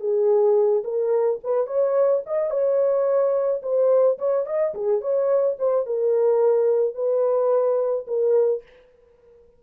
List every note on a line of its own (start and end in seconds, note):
0.00 0.83 G#4
0.84 1.39 A#4
1.43 1.67 B4
1.67 2.22 C#5
2.26 2.51 D#5
2.51 3.62 C#5
3.62 4.18 C5
4.18 4.46 C#5
4.46 4.74 D#5
4.74 5.01 G#4
5.01 5.57 C#5
5.59 5.86 C5
5.86 6.95 A#4
6.95 8.06 B4
8.07 8.63 A#4